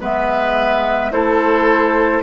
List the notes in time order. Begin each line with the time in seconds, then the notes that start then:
0.00 G#3 B3 B4 E5
1.11 A3 E4 A4 C5